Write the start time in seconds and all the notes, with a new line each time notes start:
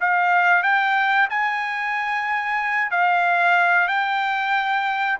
0.00 F5
0.63 G5
1.30 G#5
2.91 F5
3.88 G5